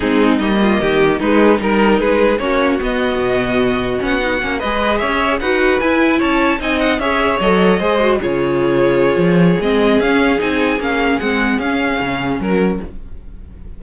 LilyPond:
<<
  \new Staff \with { instrumentName = "violin" } { \time 4/4 \tempo 4 = 150 gis'4 dis''2 b'4 | ais'4 b'4 cis''4 dis''4~ | dis''2 fis''4. dis''8~ | dis''8 e''4 fis''4 gis''4 a''8~ |
a''8 gis''8 fis''8 e''4 dis''4.~ | dis''8 cis''2.~ cis''8 | dis''4 f''4 gis''4 f''4 | fis''4 f''2 ais'4 | }
  \new Staff \with { instrumentName = "violin" } { \time 4/4 dis'4. f'8 g'4 dis'4 | ais'4 gis'4 fis'2~ | fis'2.~ fis'8 b'8~ | b'8 cis''4 b'2 cis''8~ |
cis''8 dis''4 cis''2 c''8~ | c''8 gis'2.~ gis'8~ | gis'1~ | gis'2. fis'4 | }
  \new Staff \with { instrumentName = "viola" } { \time 4/4 c'4 ais2 gis4 | dis'2 cis'4 b4~ | b2 cis'8 dis'8 cis'8 gis'8~ | gis'4. fis'4 e'4.~ |
e'8 dis'4 gis'4 a'4 gis'8 | fis'8 f'2.~ f'8 | c'4 cis'4 dis'4 cis'4 | c'4 cis'2. | }
  \new Staff \with { instrumentName = "cello" } { \time 4/4 gis4 g4 dis4 gis4 | g4 gis4 ais4 b4 | b,2 b4 ais8 gis8~ | gis8 cis'4 dis'4 e'4 cis'8~ |
cis'8 c'4 cis'4 fis4 gis8~ | gis8 cis2~ cis8 f4 | gis4 cis'4 c'4 ais4 | gis4 cis'4 cis4 fis4 | }
>>